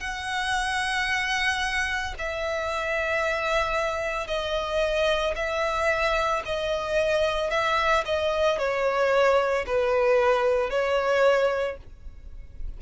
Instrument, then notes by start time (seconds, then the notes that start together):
violin
0.00 F#5
2.18 E5
4.27 D#5
5.35 E5
6.45 D#5
7.50 E5
8.05 D#5
8.58 C#5
9.66 B4
10.69 C#5